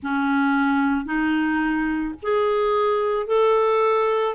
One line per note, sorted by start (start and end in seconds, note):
0.02 1.05 C#4
1.05 2.14 D#4
2.22 3.27 G#4
3.27 4.35 A4